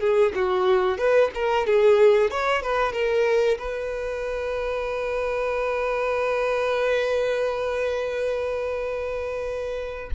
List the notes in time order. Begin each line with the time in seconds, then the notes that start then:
0.00 G#4
0.35 F#4
0.98 B4
1.35 A#4
1.67 G#4
2.31 C#5
2.62 B4
2.93 A#4
3.59 B4